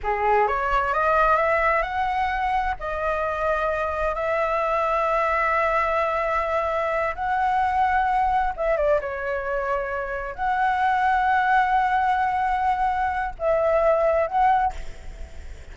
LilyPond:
\new Staff \with { instrumentName = "flute" } { \time 4/4 \tempo 4 = 130 gis'4 cis''4 dis''4 e''4 | fis''2 dis''2~ | dis''4 e''2.~ | e''2.~ e''8 fis''8~ |
fis''2~ fis''8 e''8 d''8 cis''8~ | cis''2~ cis''8 fis''4.~ | fis''1~ | fis''4 e''2 fis''4 | }